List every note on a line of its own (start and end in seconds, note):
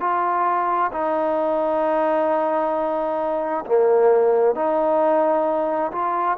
0.00 0.91 F4
0.92 3.65 D#4
3.66 4.55 A#3
4.55 5.91 D#4
5.92 6.37 F4